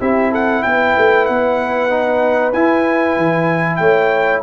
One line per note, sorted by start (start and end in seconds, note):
0.00 0.64 C4
0.00 1.90 E4
0.00 0.32 G4
0.00 0.33 E5
0.32 0.63 A4
0.32 0.63 F#5
0.63 0.97 B3
0.63 3.80 B4
0.63 1.26 G5
0.98 1.29 A3
1.26 2.54 B3
1.26 2.52 F#5
1.90 2.53 D#4
2.53 3.17 E4
2.53 4.43 E4
2.53 3.77 G#5
3.17 3.80 E3
3.77 4.43 A3
3.77 4.43 C#5
3.77 4.40 G5